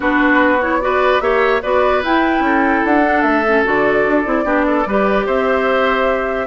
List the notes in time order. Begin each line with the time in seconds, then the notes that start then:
0.00 B3 D4 F#4 B4
0.61 E4 C#5
0.81 F#4 B4 D5
1.20 A#3 G4 C#5 E5
1.62 B3 F#4 B4 D5
2.02 E4 G5
2.40 C#4 A4
2.84 D4 F#5
3.03 D4
3.22 A3 E5
3.45 C#4
3.64 D3 F#4 D5
4.06 D4
4.24 C4 E4
4.44 B3 D4 G4
4.67 A4
4.86 G3 G4 B4
5.25 C4 C5 E5